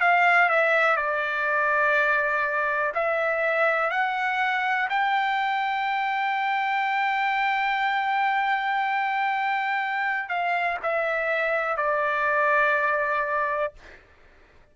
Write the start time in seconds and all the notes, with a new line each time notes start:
0.00 F5
0.49 E5
0.96 D5
2.94 E5
3.90 F#5
4.90 G5
10.28 F5
10.83 E5
11.77 D5